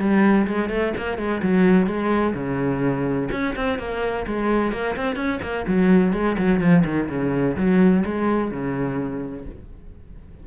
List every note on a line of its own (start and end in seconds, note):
0.00 0.47 G3
0.47 0.70 G#3
0.70 0.93 A3
0.97 1.18 A#3
1.18 1.42 G#3
1.43 1.87 F#3
1.87 2.35 G#3
2.35 3.29 C#3
3.32 3.55 C#4
3.56 3.79 C4
3.79 4.26 A#3
4.27 4.73 G#3
4.73 4.96 A#3
4.97 5.16 C4
5.16 5.40 C#4
5.43 5.66 A#3
5.68 6.14 F#3
6.14 6.37 G#3
6.38 6.61 F#3
6.61 6.84 F3
6.85 7.09 D#3
7.10 7.57 C#3
7.57 8.04 F#3
8.06 8.51 G#3
8.51 9.46 C#3